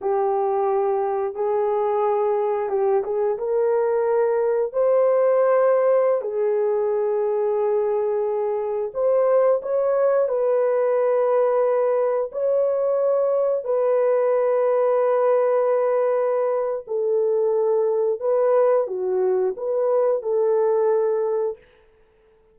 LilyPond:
\new Staff \with { instrumentName = "horn" } { \time 4/4 \tempo 4 = 89 g'2 gis'2 | g'8 gis'8 ais'2 c''4~ | c''4~ c''16 gis'2~ gis'8.~ | gis'4~ gis'16 c''4 cis''4 b'8.~ |
b'2~ b'16 cis''4.~ cis''16~ | cis''16 b'2.~ b'8.~ | b'4 a'2 b'4 | fis'4 b'4 a'2 | }